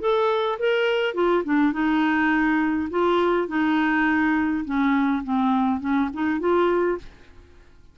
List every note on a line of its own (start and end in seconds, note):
0.00 0.58 A4
0.59 1.14 A#4
1.14 1.43 F4
1.44 1.72 D4
1.72 2.89 D#4
2.90 3.48 F4
3.48 4.64 D#4
4.64 5.23 C#4
5.23 5.80 C4
5.80 6.09 C#4
6.13 6.39 D#4
6.39 6.98 F4